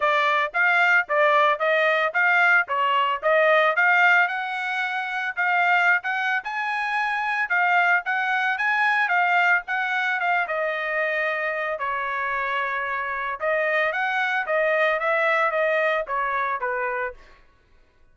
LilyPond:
\new Staff \with { instrumentName = "trumpet" } { \time 4/4 \tempo 4 = 112 d''4 f''4 d''4 dis''4 | f''4 cis''4 dis''4 f''4 | fis''2 f''4~ f''16 fis''8. | gis''2 f''4 fis''4 |
gis''4 f''4 fis''4 f''8 dis''8~ | dis''2 cis''2~ | cis''4 dis''4 fis''4 dis''4 | e''4 dis''4 cis''4 b'4 | }